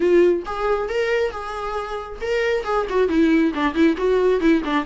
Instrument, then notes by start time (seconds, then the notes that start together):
viola
0.00 F4
0.45 G#4
0.88 A#4
1.31 G#4
2.21 A#4
2.64 G#4
2.89 F#4
3.08 E4
3.54 D4
3.74 E4
3.97 F#4
4.40 E4
4.64 D4